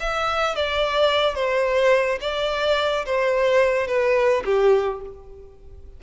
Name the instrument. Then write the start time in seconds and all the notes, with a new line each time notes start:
violin
0.00 E5
0.56 D5
1.35 C5
2.21 D5
3.06 C5
3.87 B4
4.45 G4